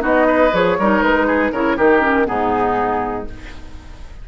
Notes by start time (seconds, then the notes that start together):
0.00 B3 D#4 F#4 D#5
0.28 B4
0.53 F3 G#4 C#5
0.79 G3 D#4 A#4
1.02 G#3 B4
1.27 G#4
1.52 C#3 E4 A#4 C#5
1.77 D#3 D#4 G4 A#4
2.01 C#4
2.25 G#2 B3 D#4 G#4